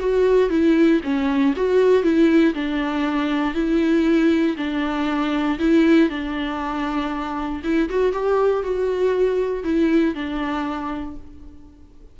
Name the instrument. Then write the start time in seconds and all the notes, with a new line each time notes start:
viola
0.00 F#4
0.50 E4
1.04 C#4
1.56 F#4
2.03 E4
2.55 D4
3.55 E4
4.57 D4
5.59 E4
6.10 D4
7.64 E4
7.90 F#4
8.13 G4
8.63 F#4
9.64 E4
10.15 D4